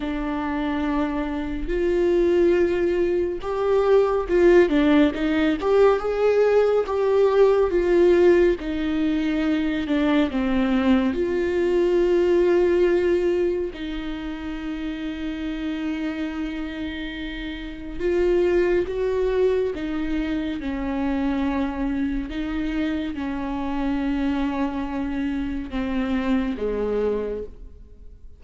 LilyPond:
\new Staff \with { instrumentName = "viola" } { \time 4/4 \tempo 4 = 70 d'2 f'2 | g'4 f'8 d'8 dis'8 g'8 gis'4 | g'4 f'4 dis'4. d'8 | c'4 f'2. |
dis'1~ | dis'4 f'4 fis'4 dis'4 | cis'2 dis'4 cis'4~ | cis'2 c'4 gis4 | }